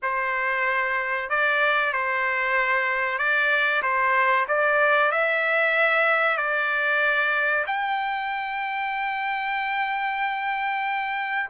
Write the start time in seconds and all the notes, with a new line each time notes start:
0.02 C5
1.29 D5
1.92 C5
3.18 D5
3.82 C5
4.48 D5
5.11 E5
6.37 D5
7.66 G5